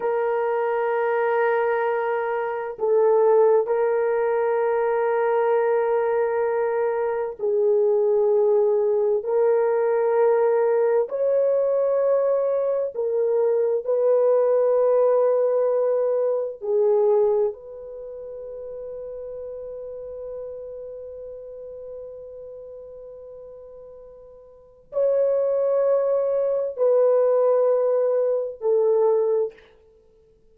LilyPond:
\new Staff \with { instrumentName = "horn" } { \time 4/4 \tempo 4 = 65 ais'2. a'4 | ais'1 | gis'2 ais'2 | cis''2 ais'4 b'4~ |
b'2 gis'4 b'4~ | b'1~ | b'2. cis''4~ | cis''4 b'2 a'4 | }